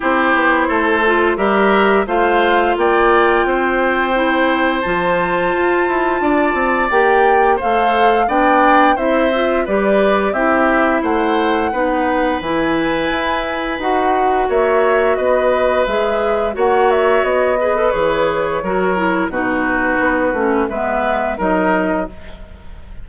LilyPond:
<<
  \new Staff \with { instrumentName = "flute" } { \time 4/4 \tempo 4 = 87 c''2 e''4 f''4 | g''2. a''4~ | a''2 g''4 f''4 | g''4 e''4 d''4 e''4 |
fis''2 gis''2 | fis''4 e''4 dis''4 e''4 | fis''8 e''8 dis''4 cis''2 | b'2 e''4 dis''4 | }
  \new Staff \with { instrumentName = "oboe" } { \time 4/4 g'4 a'4 ais'4 c''4 | d''4 c''2.~ | c''4 d''2 c''4 | d''4 c''4 b'4 g'4 |
c''4 b'2.~ | b'4 cis''4 b'2 | cis''4. b'4. ais'4 | fis'2 b'4 ais'4 | }
  \new Staff \with { instrumentName = "clarinet" } { \time 4/4 e'4. f'8 g'4 f'4~ | f'2 e'4 f'4~ | f'2 g'4 a'4 | d'4 e'8 f'8 g'4 e'4~ |
e'4 dis'4 e'2 | fis'2. gis'4 | fis'4. gis'16 a'16 gis'4 fis'8 e'8 | dis'4. cis'8 b4 dis'4 | }
  \new Staff \with { instrumentName = "bassoon" } { \time 4/4 c'8 b8 a4 g4 a4 | ais4 c'2 f4 | f'8 e'8 d'8 c'8 ais4 a4 | b4 c'4 g4 c'4 |
a4 b4 e4 e'4 | dis'4 ais4 b4 gis4 | ais4 b4 e4 fis4 | b,4 b8 a8 gis4 fis4 | }
>>